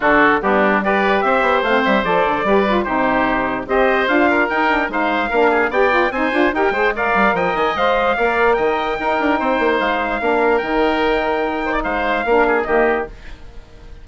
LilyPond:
<<
  \new Staff \with { instrumentName = "trumpet" } { \time 4/4 \tempo 4 = 147 a'4 g'4 d''4 e''4 | f''8 e''8 d''2 c''4~ | c''4 dis''4 f''4 g''4 | f''2 g''4 gis''4 |
g''4 f''4 g''8 gis''8 f''4~ | f''4 g''2. | f''2 g''2~ | g''4 f''2 dis''4 | }
  \new Staff \with { instrumentName = "oboe" } { \time 4/4 fis'4 d'4 b'4 c''4~ | c''2 b'4 g'4~ | g'4 c''4. ais'4. | c''4 ais'8 gis'8 d''4 c''4 |
ais'8 c''8 d''4 dis''2 | d''4 dis''4 ais'4 c''4~ | c''4 ais'2.~ | ais'8 c''16 d''16 c''4 ais'8 gis'8 g'4 | }
  \new Staff \with { instrumentName = "saxophone" } { \time 4/4 d'4 b4 g'2 | c'4 a'4 g'8 f'8 dis'4~ | dis'4 g'4 f'4 dis'8 d'8 | dis'4 d'4 g'8 f'8 dis'8 f'8 |
g'8 gis'8 ais'2 c''4 | ais'2 dis'2~ | dis'4 d'4 dis'2~ | dis'2 d'4 ais4 | }
  \new Staff \with { instrumentName = "bassoon" } { \time 4/4 d4 g2 c'8 b8 | a8 g8 f8 d8 g4 c4~ | c4 c'4 d'4 dis'4 | gis4 ais4 b4 c'8 d'8 |
dis'8 gis4 g8 f8 dis8 gis4 | ais4 dis4 dis'8 d'8 c'8 ais8 | gis4 ais4 dis2~ | dis4 gis4 ais4 dis4 | }
>>